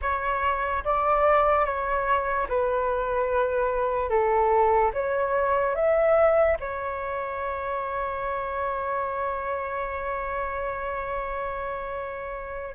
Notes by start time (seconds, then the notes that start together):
0.01 C#5
0.84 D5
1.65 C#5
2.48 B4
4.09 A4
4.93 C#5
5.75 E5
6.59 C#5